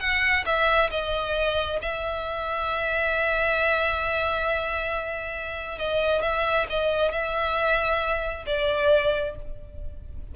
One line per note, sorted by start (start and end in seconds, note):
0.00 0.44 F#5
0.46 0.90 E5
0.91 1.80 D#5
1.82 5.78 E5
5.78 6.22 D#5
6.22 6.66 E5
6.70 7.12 D#5
7.12 8.45 E5
8.47 9.36 D5